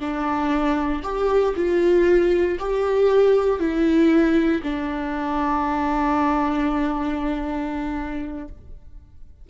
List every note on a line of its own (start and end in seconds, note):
0.00 1.03 D4
1.03 1.54 G4
1.56 2.59 F4
2.59 3.60 G4
3.60 4.62 E4
4.63 8.48 D4